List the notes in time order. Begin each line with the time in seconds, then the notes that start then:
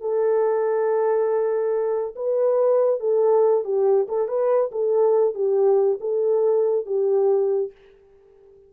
0.00 A4
2.15 B4
3.00 A4
3.64 G4
4.08 A4
4.27 B4
4.71 A4
5.34 G4
6.00 A4
6.86 G4